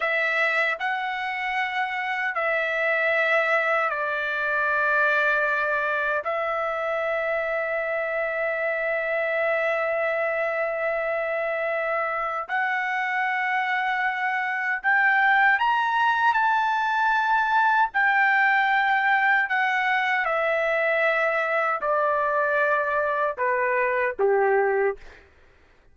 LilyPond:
\new Staff \with { instrumentName = "trumpet" } { \time 4/4 \tempo 4 = 77 e''4 fis''2 e''4~ | e''4 d''2. | e''1~ | e''1 |
fis''2. g''4 | ais''4 a''2 g''4~ | g''4 fis''4 e''2 | d''2 b'4 g'4 | }